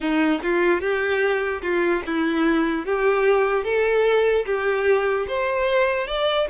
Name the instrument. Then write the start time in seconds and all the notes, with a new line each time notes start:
violin
0.00 D#4
0.43 F4
0.80 G4
1.62 F4
2.06 E4
2.85 G4
3.64 A4
4.45 G4
5.27 C5
6.07 D5